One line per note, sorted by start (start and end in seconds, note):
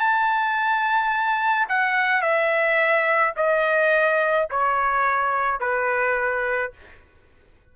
0.00 1.68 A5
1.69 2.22 F#5
2.22 3.34 E5
3.37 4.49 D#5
4.51 5.60 C#5
5.60 6.72 B4